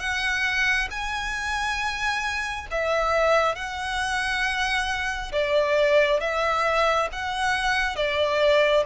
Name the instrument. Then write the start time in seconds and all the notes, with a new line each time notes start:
violin
0.00 F#5
0.91 G#5
2.71 E5
3.55 F#5
5.32 D5
6.20 E5
7.12 F#5
7.96 D5